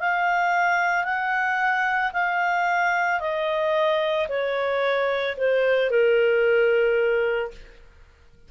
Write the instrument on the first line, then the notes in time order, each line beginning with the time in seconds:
clarinet
0.00 F5
1.04 F#5
2.13 F5
3.20 D#5
4.29 C#5
5.37 C5
5.90 A#4